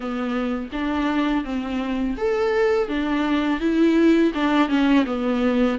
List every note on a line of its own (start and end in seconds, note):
0.00 0.69 B3
0.72 1.44 D4
1.44 2.16 C4
2.17 2.88 A4
2.88 3.59 D4
3.59 4.32 E4
4.34 4.68 D4
4.68 5.04 C#4
5.06 5.78 B3